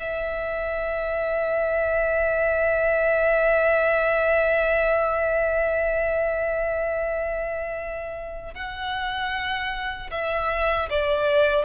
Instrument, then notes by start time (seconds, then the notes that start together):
violin
0.00 E5
8.55 F#5
10.12 E5
10.90 D5